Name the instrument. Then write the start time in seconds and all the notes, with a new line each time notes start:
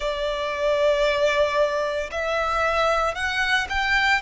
violin
0.00 D5
2.11 E5
3.14 F#5
3.69 G5